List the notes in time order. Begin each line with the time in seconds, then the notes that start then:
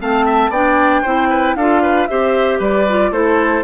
0.00 A3 C4 F5 A5
0.26 E5
0.49 B3 D4 D5 G5
1.02 C4 E4 C5
1.30 B4
1.56 D4 F4 A4 F5
1.82 B4
2.07 C4 G4 C5 E5
2.59 G3 B4 D5
2.89 F4
3.11 A3 E4 A4 C5